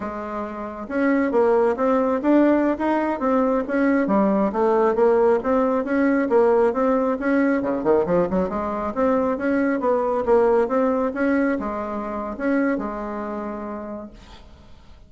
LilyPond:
\new Staff \with { instrumentName = "bassoon" } { \time 4/4 \tempo 4 = 136 gis2 cis'4 ais4 | c'4 d'4~ d'16 dis'4 c'8.~ | c'16 cis'4 g4 a4 ais8.~ | ais16 c'4 cis'4 ais4 c'8.~ |
c'16 cis'4 cis8 dis8 f8 fis8 gis8.~ | gis16 c'4 cis'4 b4 ais8.~ | ais16 c'4 cis'4 gis4.~ gis16 | cis'4 gis2. | }